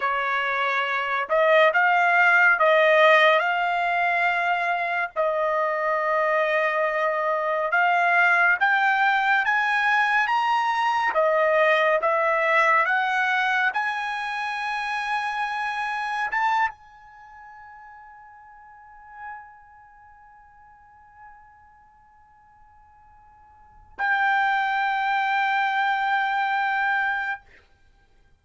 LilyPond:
\new Staff \with { instrumentName = "trumpet" } { \time 4/4 \tempo 4 = 70 cis''4. dis''8 f''4 dis''4 | f''2 dis''2~ | dis''4 f''4 g''4 gis''4 | ais''4 dis''4 e''4 fis''4 |
gis''2. a''8 gis''8~ | gis''1~ | gis''1 | g''1 | }